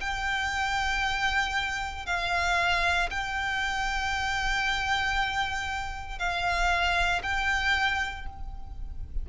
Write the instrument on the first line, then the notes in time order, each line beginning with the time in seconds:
violin
0.00 G5
2.06 F5
3.10 G5
6.19 F5
7.22 G5